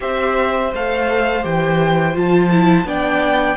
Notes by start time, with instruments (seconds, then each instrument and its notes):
0.00 cello C4, viola G4, violin C5 E5
0.73 cello A3, viola A4, violin F5
1.42 cello E3, viola G4, violin G5
2.13 cello F3, viola F4, violin A5
2.51 viola E4
2.84 cello B3, viola D4, violin D5 G5